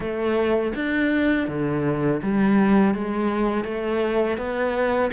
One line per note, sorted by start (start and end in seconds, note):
0.00 0.73 A3
0.75 1.48 D4
1.48 2.21 D3
2.22 2.94 G3
2.94 3.64 G#3
3.64 4.37 A3
4.37 5.11 B3